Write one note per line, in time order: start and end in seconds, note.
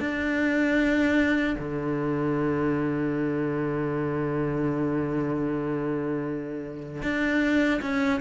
0.00 1.56 D4
1.59 7.02 D3
7.02 7.80 D4
7.82 8.21 C#4